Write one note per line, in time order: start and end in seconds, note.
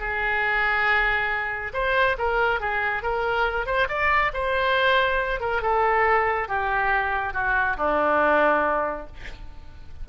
0.00 1.73 G#4
1.73 2.16 C5
2.18 2.60 A#4
2.60 3.03 G#4
3.03 3.66 A#4
3.66 3.88 C5
3.89 4.32 D5
4.33 5.40 C5
5.40 5.62 A#4
5.62 6.48 A4
6.48 7.33 G4
7.33 7.77 F#4
7.77 9.07 D4